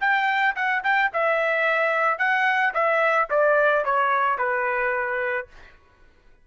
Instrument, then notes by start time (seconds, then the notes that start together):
trumpet
0.00 G5
0.55 F#5
0.83 G5
1.13 E5
2.18 F#5
2.73 E5
3.30 D5
3.85 C#5
4.38 B4